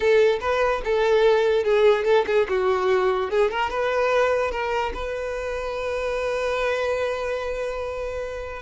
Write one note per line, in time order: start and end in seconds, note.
0.00 0.39 A4
0.40 0.81 B4
0.84 1.64 A4
1.64 2.04 G#4
2.04 2.25 A4
2.26 2.47 G#4
2.48 3.30 F#4
3.30 3.50 G#4
3.50 3.70 A#4
3.70 4.51 B4
4.51 4.92 A#4
4.94 8.62 B4